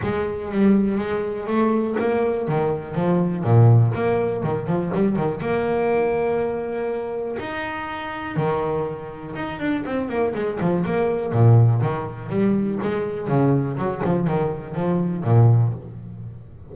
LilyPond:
\new Staff \with { instrumentName = "double bass" } { \time 4/4 \tempo 4 = 122 gis4 g4 gis4 a4 | ais4 dis4 f4 ais,4 | ais4 dis8 f8 g8 dis8 ais4~ | ais2. dis'4~ |
dis'4 dis2 dis'8 d'8 | c'8 ais8 gis8 f8 ais4 ais,4 | dis4 g4 gis4 cis4 | fis8 f8 dis4 f4 ais,4 | }